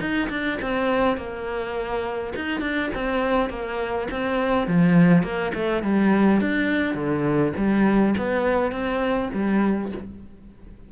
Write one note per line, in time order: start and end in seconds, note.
0.00 0.29 D#4
0.30 0.59 D4
0.61 1.17 C4
1.17 2.34 A#3
2.36 2.61 D#4
2.61 2.90 D4
2.94 3.50 C4
3.50 4.08 A#3
4.11 4.67 C4
4.67 5.23 F3
5.23 5.52 A#3
5.54 5.83 A3
5.83 6.41 G3
6.41 6.95 D4
6.95 7.53 D3
7.57 8.15 G3
8.18 8.71 B3
8.71 9.30 C4
9.34 9.92 G3